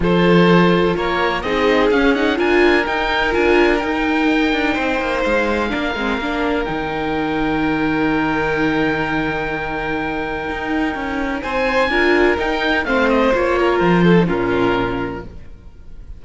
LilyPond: <<
  \new Staff \with { instrumentName = "oboe" } { \time 4/4 \tempo 4 = 126 c''2 cis''4 dis''4 | f''8 fis''8 gis''4 g''4 gis''4 | g''2. f''4~ | f''2 g''2~ |
g''1~ | g''1 | gis''2 g''4 f''8 dis''8 | cis''4 c''4 ais'2 | }
  \new Staff \with { instrumentName = "violin" } { \time 4/4 a'2 ais'4 gis'4~ | gis'4 ais'2.~ | ais'2 c''2 | ais'1~ |
ais'1~ | ais'1 | c''4 ais'2 c''4~ | c''8 ais'4 a'8 f'2 | }
  \new Staff \with { instrumentName = "viola" } { \time 4/4 f'2. dis'4 | cis'8 dis'8 f'4 dis'4 f'4 | dis'1 | d'8 c'8 d'4 dis'2~ |
dis'1~ | dis'1~ | dis'4 f'4 dis'4 c'4 | f'4.~ f'16 dis'16 cis'2 | }
  \new Staff \with { instrumentName = "cello" } { \time 4/4 f2 ais4 c'4 | cis'4 d'4 dis'4 d'4 | dis'4. d'8 c'8 ais8 gis4 | ais8 gis8 ais4 dis2~ |
dis1~ | dis2 dis'4 cis'4 | c'4 d'4 dis'4 a4 | ais4 f4 ais,2 | }
>>